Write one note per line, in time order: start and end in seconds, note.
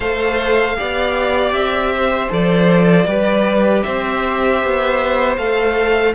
0.00 0.77 A3
0.00 0.76 A4
0.00 0.76 C5
0.00 1.53 F5
0.76 1.51 B3
0.76 2.29 G4
0.76 1.93 D5
1.51 2.28 C4
1.51 2.29 E5
1.95 3.06 C5
2.29 3.06 F3
2.29 3.06 A4
2.29 3.82 D5
3.06 3.83 G3
3.06 5.37 G4
3.06 3.83 B4
3.82 4.63 C4
3.82 6.14 C5
3.82 5.36 E5
4.64 5.37 B3
5.37 6.14 A3
5.37 6.15 A4
5.37 6.14 F5